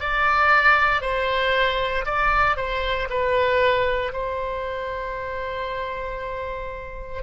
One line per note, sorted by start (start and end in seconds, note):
0.00 1.01 D5
1.01 2.05 C5
2.05 2.56 D5
2.56 3.08 C5
3.09 4.12 B4
4.12 7.22 C5